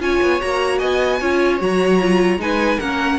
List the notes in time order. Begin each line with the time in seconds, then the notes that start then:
0.00 C#4 F4 C#5 G#5
0.22 B3
0.41 A#3 F#4 A#5
0.79 B3 D#5 G#5
1.20 C#4 F4 C#5
1.60 F#3 F#4 A#5
2.01 F4
2.38 G#3 D#4 B4 G#5
2.80 A#3 C#4 A#4 F#5